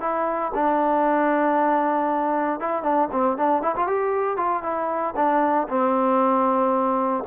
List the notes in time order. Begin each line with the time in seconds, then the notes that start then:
0.00 E4
0.54 D4
2.60 E4
2.83 D4
3.11 C4
3.37 D4
3.62 E4
3.75 F4
3.87 G4
4.36 F4
4.62 E4
5.16 D4
5.68 C4